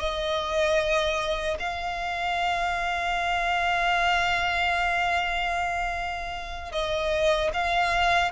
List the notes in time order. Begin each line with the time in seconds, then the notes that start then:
0.00 D#5
1.60 F5
6.72 D#5
7.54 F5